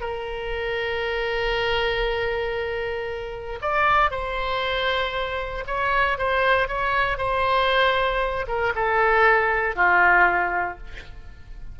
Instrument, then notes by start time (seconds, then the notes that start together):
oboe
0.00 A#4
3.61 D5
4.10 C5
5.66 C#5
6.18 C5
6.68 C#5
7.17 C5
8.47 A#4
8.75 A4
9.75 F4